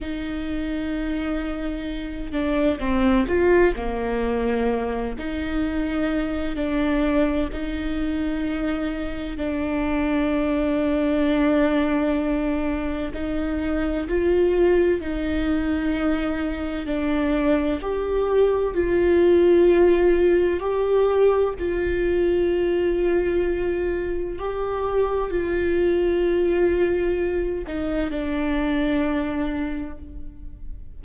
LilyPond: \new Staff \with { instrumentName = "viola" } { \time 4/4 \tempo 4 = 64 dis'2~ dis'8 d'8 c'8 f'8 | ais4. dis'4. d'4 | dis'2 d'2~ | d'2 dis'4 f'4 |
dis'2 d'4 g'4 | f'2 g'4 f'4~ | f'2 g'4 f'4~ | f'4. dis'8 d'2 | }